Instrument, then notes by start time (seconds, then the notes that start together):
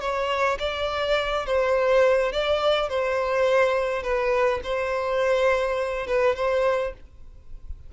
violin
0.00 C#5
0.59 D5
1.46 C5
2.32 D5
2.89 C5
4.03 B4
4.63 C5
6.07 B4
6.35 C5